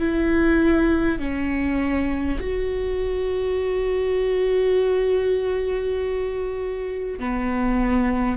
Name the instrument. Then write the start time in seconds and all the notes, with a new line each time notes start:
viola
0.00 E4
1.19 C#4
2.41 F#4
7.20 B3